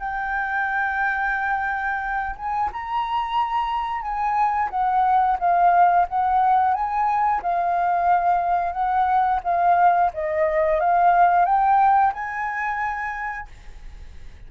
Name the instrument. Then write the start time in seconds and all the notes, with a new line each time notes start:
flute
0.00 G5
2.37 G#5
2.73 A#5
4.02 G#5
4.70 F#5
5.39 F5
6.09 F#5
6.74 G#5
7.42 F5
8.73 F#5
9.44 F5
10.14 D#5
10.80 F5
11.46 G5
12.13 G#5